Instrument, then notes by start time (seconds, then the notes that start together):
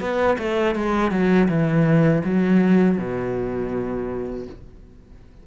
cello
0.00 B3
0.38 A3
0.75 G#3
1.11 F#3
1.48 E3
2.24 F#3
2.98 B2